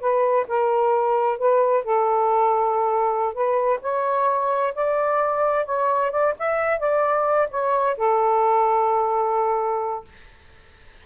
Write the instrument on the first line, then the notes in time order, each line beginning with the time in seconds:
saxophone
0.00 B4
0.48 A#4
1.38 B4
1.84 A4
3.33 B4
3.81 C#5
4.74 D5
5.65 C#5
6.11 D5
6.39 E5
6.79 D5
7.50 C#5
7.97 A4